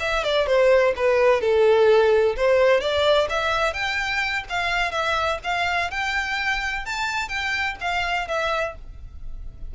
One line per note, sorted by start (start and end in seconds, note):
0.00 0.24 E5
0.24 0.46 D5
0.46 0.94 C5
0.96 1.41 B4
1.41 2.36 A4
2.36 2.81 C5
2.81 3.28 D5
3.29 3.73 E5
3.73 4.44 G5
4.49 4.92 F5
4.92 5.39 E5
5.44 5.91 F5
5.91 6.85 G5
6.85 7.28 A5
7.28 7.76 G5
7.80 8.28 F5
8.28 8.75 E5